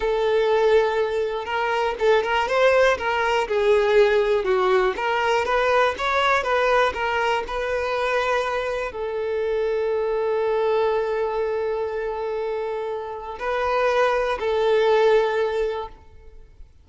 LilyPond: \new Staff \with { instrumentName = "violin" } { \time 4/4 \tempo 4 = 121 a'2. ais'4 | a'8 ais'8 c''4 ais'4 gis'4~ | gis'4 fis'4 ais'4 b'4 | cis''4 b'4 ais'4 b'4~ |
b'2 a'2~ | a'1~ | a'2. b'4~ | b'4 a'2. | }